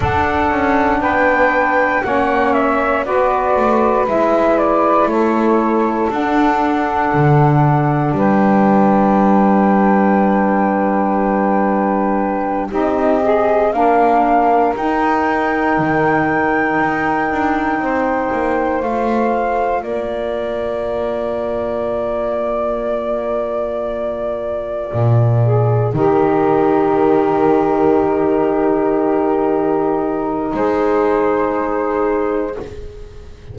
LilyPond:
<<
  \new Staff \with { instrumentName = "flute" } { \time 4/4 \tempo 4 = 59 fis''4 g''4 fis''8 e''8 d''4 | e''8 d''8 cis''4 fis''2 | g''1~ | g''8 dis''4 f''4 g''4.~ |
g''2~ g''8 f''4 d''8~ | d''1~ | d''4. ais'2~ ais'8~ | ais'2 c''2 | }
  \new Staff \with { instrumentName = "saxophone" } { \time 4/4 a'4 b'4 cis''4 b'4~ | b'4 a'2. | b'1~ | b'8 g'4 ais'2~ ais'8~ |
ais'4. c''2 ais'8~ | ais'1~ | ais'4 gis'8 g'2~ g'8~ | g'2 gis'2 | }
  \new Staff \with { instrumentName = "saxophone" } { \time 4/4 d'2 cis'4 fis'4 | e'2 d'2~ | d'1~ | d'8 dis'8 gis'8 d'4 dis'4.~ |
dis'2~ dis'8 f'4.~ | f'1~ | f'4. dis'2~ dis'8~ | dis'1 | }
  \new Staff \with { instrumentName = "double bass" } { \time 4/4 d'8 cis'8 b4 ais4 b8 a8 | gis4 a4 d'4 d4 | g1~ | g8 c'4 ais4 dis'4 dis8~ |
dis8 dis'8 d'8 c'8 ais8 a4 ais8~ | ais1~ | ais8 ais,4 dis2~ dis8~ | dis2 gis2 | }
>>